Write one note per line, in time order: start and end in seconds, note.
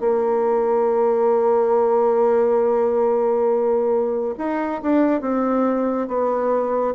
0.00 4.35 A#3
4.38 4.81 D#4
4.82 5.21 D4
5.21 6.08 C4
6.08 6.94 B3